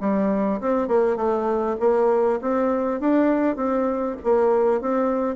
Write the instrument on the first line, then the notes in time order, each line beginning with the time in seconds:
bassoon
0.00 G3
0.60 C4
0.88 A#3
1.16 A3
1.79 A#3
2.41 C4
3.00 D4
3.56 C4
4.24 A#3
4.81 C4